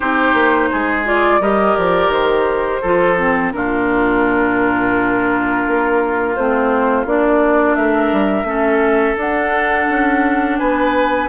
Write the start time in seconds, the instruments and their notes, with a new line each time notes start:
0.00 bassoon C4, clarinet D#4, oboe G4, flute C5
0.33 bassoon A#3
0.71 bassoon G#3, oboe G#4
1.05 clarinet F4, flute D5
1.39 bassoon G3, clarinet G4, oboe A#4, flute D#5
1.76 bassoon F3, flute D5
2.08 bassoon D#3, flute C5
2.81 bassoon F3, clarinet F4, oboe A4
3.17 clarinet C4
3.52 bassoon A#2, clarinet D4, oboe F4, flute A#4
5.66 bassoon A#3
6.35 bassoon A3, clarinet C4, flute C5
7.05 bassoon A#3, clarinet D4, flute D5
7.75 bassoon A3, oboe A#4, flute E5
8.12 bassoon G3
8.43 bassoon A3, clarinet C#4, oboe A4
9.16 bassoon D4, clarinet D4, flute F#5
9.89 bassoon C#4
10.58 bassoon B3, oboe B4, flute G#5